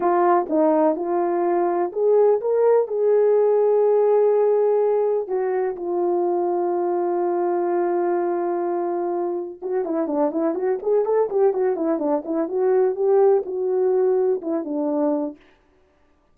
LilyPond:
\new Staff \with { instrumentName = "horn" } { \time 4/4 \tempo 4 = 125 f'4 dis'4 f'2 | gis'4 ais'4 gis'2~ | gis'2. fis'4 | f'1~ |
f'1 | fis'8 e'8 d'8 e'8 fis'8 gis'8 a'8 g'8 | fis'8 e'8 d'8 e'8 fis'4 g'4 | fis'2 e'8 d'4. | }